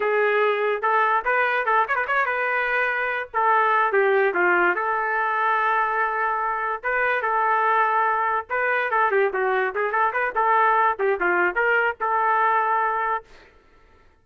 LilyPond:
\new Staff \with { instrumentName = "trumpet" } { \time 4/4 \tempo 4 = 145 gis'2 a'4 b'4 | a'8 cis''16 b'16 cis''8 b'2~ b'8 | a'4. g'4 f'4 a'8~ | a'1~ |
a'8 b'4 a'2~ a'8~ | a'8 b'4 a'8 g'8 fis'4 gis'8 | a'8 b'8 a'4. g'8 f'4 | ais'4 a'2. | }